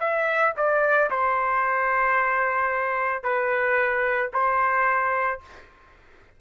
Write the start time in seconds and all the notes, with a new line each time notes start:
0.00 E5
0.56 D5
1.10 C5
3.23 B4
4.33 C5